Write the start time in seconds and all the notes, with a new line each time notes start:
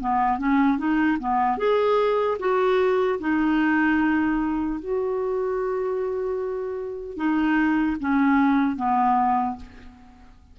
0.00 B3
0.38 C#4
0.78 D#4
1.19 B3
1.57 G#4
2.39 F#4
3.20 D#4
4.79 F#4
7.17 D#4
8.00 C#4
8.76 B3